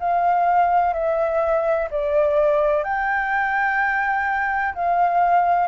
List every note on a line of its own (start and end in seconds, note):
0.00 0.94 F5
0.94 1.89 E5
1.90 2.84 D5
2.84 4.74 G5
4.75 5.68 F5